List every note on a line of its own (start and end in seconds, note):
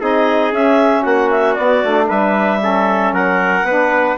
0.00 0.52 C4
0.00 0.52 D#4
0.00 1.02 G#4
0.00 0.54 D#5
0.52 1.04 C#4
0.52 1.58 C#4
0.52 1.04 E5
1.02 1.57 A#3
1.02 2.07 F#4
1.02 1.30 F#5
1.31 1.54 E5
1.54 1.83 B3
1.54 1.84 B3
1.54 2.06 D5
1.84 2.10 A3
1.84 2.59 D4
2.08 3.12 G3
2.08 2.60 B4
2.08 3.13 E5
2.59 3.64 C#4
2.59 3.14 A4
3.12 3.63 F#3
3.12 3.66 A#4
3.12 4.18 F#5
3.63 4.15 B3
3.63 4.18 D4
3.63 4.18 B4